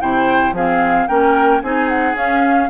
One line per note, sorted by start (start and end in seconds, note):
0.00 0.52 C3
0.00 0.54 E4
0.00 0.55 C5
0.00 0.55 G5
0.52 1.07 F3
0.52 1.09 C4
0.52 1.09 G#4
0.52 1.08 F5
1.08 1.63 A#3
1.08 1.63 C#4
1.08 1.63 A#4
1.08 1.62 G5
1.63 2.15 C4
1.63 2.15 D#4
1.63 2.70 G#4
1.63 1.89 G#5
1.89 2.16 F#5
2.15 2.69 C#4
2.15 2.70 F5